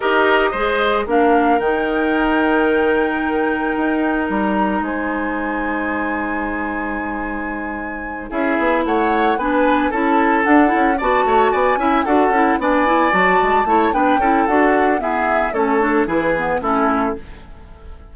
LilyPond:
<<
  \new Staff \with { instrumentName = "flute" } { \time 4/4 \tempo 4 = 112 dis''2 f''4 g''4~ | g''1 | ais''4 gis''2.~ | gis''2.~ gis''8 e''8~ |
e''8 fis''4 gis''4 a''4 fis''8~ | fis''8 a''4 gis''4 fis''4 gis''8~ | gis''8 a''4. g''4 fis''4 | e''4 cis''4 b'4 a'4 | }
  \new Staff \with { instrumentName = "oboe" } { \time 4/4 ais'4 c''4 ais'2~ | ais'1~ | ais'4 c''2.~ | c''2.~ c''8 gis'8~ |
gis'8 cis''4 b'4 a'4.~ | a'8 d''8 cis''8 d''8 e''8 a'4 d''8~ | d''4. cis''8 b'8 a'4. | gis'4 a'4 gis'4 e'4 | }
  \new Staff \with { instrumentName = "clarinet" } { \time 4/4 g'4 gis'4 d'4 dis'4~ | dis'1~ | dis'1~ | dis'2.~ dis'8 e'8~ |
e'4. d'4 e'4 d'8 | e'8 fis'4. e'8 fis'8 e'8 d'8 | e'8 fis'4 e'8 d'8 e'8 fis'4 | b4 cis'8 d'8 e'8 b8 cis'4 | }
  \new Staff \with { instrumentName = "bassoon" } { \time 4/4 dis'4 gis4 ais4 dis4~ | dis2. dis'4 | g4 gis2.~ | gis2.~ gis8 cis'8 |
b8 a4 b4 cis'4 d'8 | cis'8 b8 a8 b8 cis'8 d'8 cis'8 b8~ | b8 fis8 gis8 a8 b8 cis'8 d'4 | e'4 a4 e4 a4 | }
>>